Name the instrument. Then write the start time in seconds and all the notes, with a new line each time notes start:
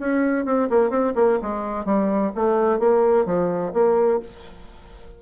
bassoon
0.00 C#4
0.46 C4
0.70 A#3
0.90 C4
1.16 A#3
1.42 G#3
1.86 G3
2.36 A3
2.80 A#3
3.26 F3
3.74 A#3